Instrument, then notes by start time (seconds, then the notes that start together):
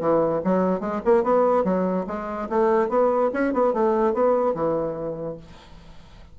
bassoon
0.00 E3
0.44 F#3
0.80 G#3
1.05 A#3
1.23 B3
1.64 F#3
2.07 G#3
2.49 A3
2.89 B3
3.33 C#4
3.53 B3
3.73 A3
4.14 B3
4.54 E3